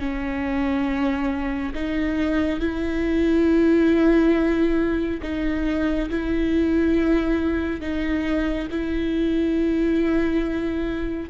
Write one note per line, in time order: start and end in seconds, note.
0.00 1.74 C#4
1.74 2.60 D#4
2.60 5.21 E4
5.23 6.10 D#4
6.10 7.81 E4
7.81 8.68 D#4
8.71 11.30 E4